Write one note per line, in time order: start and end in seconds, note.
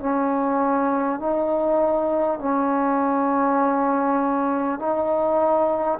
0.00 1.19 C#4
1.19 2.39 D#4
2.39 4.79 C#4
4.79 5.99 D#4